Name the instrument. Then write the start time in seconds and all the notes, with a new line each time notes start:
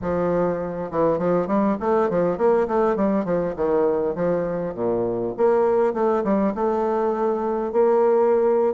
bassoon
0.01 F3
0.90 E3
1.18 F3
1.47 G3
1.80 A3
2.09 F3
2.37 A#3
2.67 A3
2.96 G3
3.24 F3
3.56 D#3
4.15 F3
4.74 A#2
5.37 A#3
5.93 A3
6.24 G3
6.55 A3
7.72 A#3